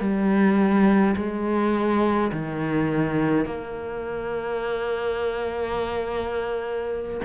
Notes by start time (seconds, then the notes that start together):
0.00 G3
1.16 G#3
2.32 D#3
3.46 A#3